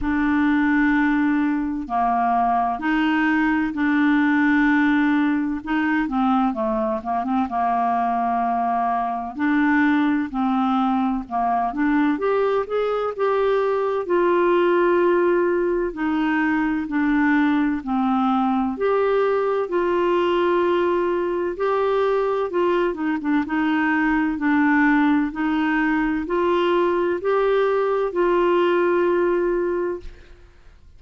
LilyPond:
\new Staff \with { instrumentName = "clarinet" } { \time 4/4 \tempo 4 = 64 d'2 ais4 dis'4 | d'2 dis'8 c'8 a8 ais16 c'16 | ais2 d'4 c'4 | ais8 d'8 g'8 gis'8 g'4 f'4~ |
f'4 dis'4 d'4 c'4 | g'4 f'2 g'4 | f'8 dis'16 d'16 dis'4 d'4 dis'4 | f'4 g'4 f'2 | }